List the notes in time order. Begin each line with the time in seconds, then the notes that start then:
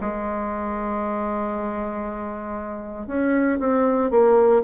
0.00 G#3
3.07 C#4
3.59 C4
4.11 A#3